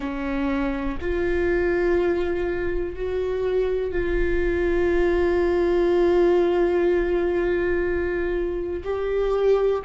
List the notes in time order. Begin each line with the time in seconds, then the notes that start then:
0.00 C#4
1.00 F4
2.95 F#4
3.91 F4
8.83 G4